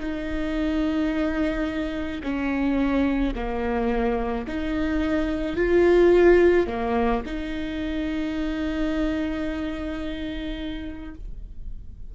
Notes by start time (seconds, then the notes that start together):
0.00 D#4
2.23 C#4
3.35 A#3
4.47 D#4
5.57 F4
6.67 A#3
7.26 D#4